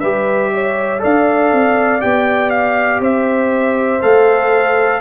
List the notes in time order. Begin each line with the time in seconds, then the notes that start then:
0.00 G3 G4 B4 E5
0.54 C#5
0.99 D4 A4 D5 F5
1.53 C4
2.00 B3 G4 G5
2.51 F5
3.01 C4 C5 E5
4.02 A3 A4 F5